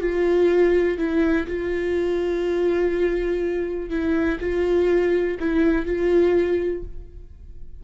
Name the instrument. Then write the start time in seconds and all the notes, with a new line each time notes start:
viola
0.00 F4
0.98 E4
1.47 F4
3.90 E4
4.40 F4
5.39 E4
5.86 F4